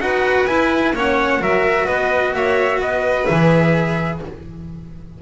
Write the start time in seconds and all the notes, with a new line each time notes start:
0.00 D#4 F#4 B4 F#5
0.47 E4 G#5
0.94 A#3 C#4 C#5 F#5
1.39 F#3 F#4 A#4 E5
1.86 B3 B4 D#5
2.34 A#3 C#5 E5
2.80 B3 B4 D#5
3.26 E3 G#4 E5